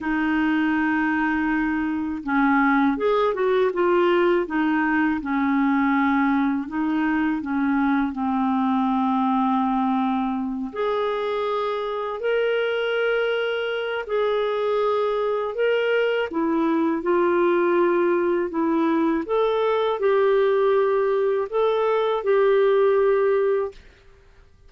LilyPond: \new Staff \with { instrumentName = "clarinet" } { \time 4/4 \tempo 4 = 81 dis'2. cis'4 | gis'8 fis'8 f'4 dis'4 cis'4~ | cis'4 dis'4 cis'4 c'4~ | c'2~ c'8 gis'4.~ |
gis'8 ais'2~ ais'8 gis'4~ | gis'4 ais'4 e'4 f'4~ | f'4 e'4 a'4 g'4~ | g'4 a'4 g'2 | }